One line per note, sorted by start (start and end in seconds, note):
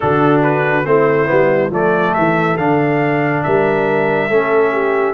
0.00 0.85 D3
0.00 0.84 D4
0.00 0.86 F#4
0.00 0.40 A4
0.42 0.85 B4
0.84 1.28 A3
0.84 1.26 C4
0.84 1.72 E4
0.84 1.71 C5
1.26 1.70 G3
1.26 1.68 B3
1.70 2.12 F3
1.70 2.58 A3
1.70 3.46 A4
1.70 2.14 D5
2.14 2.57 E3
2.14 2.56 E5
2.57 3.43 D3
2.57 4.30 D4
2.57 3.43 F5
3.43 4.29 G3
3.43 4.29 A#4
3.43 5.13 E5
4.29 5.13 A3
4.29 5.13 C#4
4.29 4.72 A4
4.72 5.13 G4